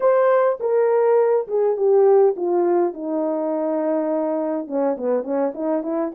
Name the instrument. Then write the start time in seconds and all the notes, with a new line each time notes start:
horn
0.00 C5
0.60 A#4
1.47 G#4
1.76 G4
2.36 F4
2.93 D#4
4.67 C#4
4.97 B3
5.23 C#4
5.54 D#4
5.82 E4